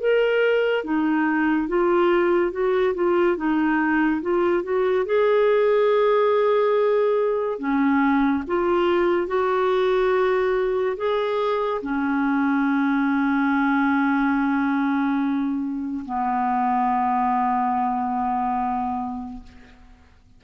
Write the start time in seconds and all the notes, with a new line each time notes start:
0.00 A#4
0.85 D#4
1.68 F4
2.52 F#4
2.95 F4
3.37 D#4
4.22 F4
4.64 F#4
5.06 G#4
7.59 C#4
8.47 F4
9.28 F#4
10.97 G#4
11.82 C#4
16.06 B3